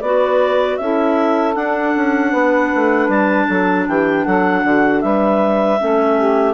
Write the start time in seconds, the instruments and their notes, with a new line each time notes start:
0.00 bassoon B3, clarinet F#4 D5, saxophone B4
0.77 bassoon C#4, clarinet E4 E5, saxophone A4
1.54 clarinet D4 F#5, bassoon D4
1.96 bassoon C#4
2.31 bassoon B3, saxophone B4
2.75 bassoon A3
3.08 bassoon G3, clarinet A5
3.46 bassoon F#3, saxophone A4
3.87 bassoon E3, saxophone G4, clarinet G5
4.24 bassoon F#3, saxophone A4, clarinet F#5
4.64 bassoon D3, saxophone F#4
5.01 bassoon G3, saxophone B4, clarinet E5
5.78 bassoon A3, clarinet C#4, saxophone A4
6.17 saxophone G4